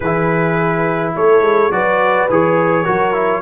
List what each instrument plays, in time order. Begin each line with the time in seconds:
0.00 tuba E3, trombone E4, horn G#4, trumpet B4
1.15 tuba A3, horn A4, trumpet C#5
1.41 tuba G#3
1.70 tuba F#3, trombone F#4, horn B4, trumpet D5
2.29 tuba E3, trombone G#4, trumpet C#5
2.84 tuba F#3, trombone F#4, horn A#4
3.13 trombone E4